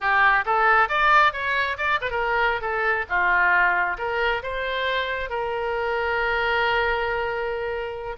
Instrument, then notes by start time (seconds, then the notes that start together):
oboe
0.00 G4
0.45 A4
0.88 D5
1.33 C#5
1.77 D5
2.01 B4
2.10 A#4
2.61 A4
3.09 F4
3.98 A#4
4.42 C5
5.29 A#4